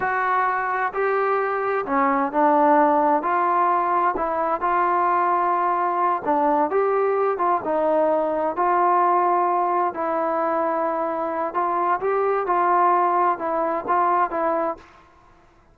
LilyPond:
\new Staff \with { instrumentName = "trombone" } { \time 4/4 \tempo 4 = 130 fis'2 g'2 | cis'4 d'2 f'4~ | f'4 e'4 f'2~ | f'4. d'4 g'4. |
f'8 dis'2 f'4.~ | f'4. e'2~ e'8~ | e'4 f'4 g'4 f'4~ | f'4 e'4 f'4 e'4 | }